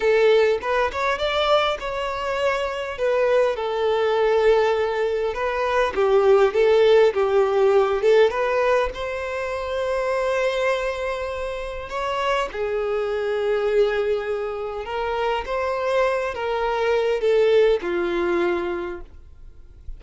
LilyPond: \new Staff \with { instrumentName = "violin" } { \time 4/4 \tempo 4 = 101 a'4 b'8 cis''8 d''4 cis''4~ | cis''4 b'4 a'2~ | a'4 b'4 g'4 a'4 | g'4. a'8 b'4 c''4~ |
c''1 | cis''4 gis'2.~ | gis'4 ais'4 c''4. ais'8~ | ais'4 a'4 f'2 | }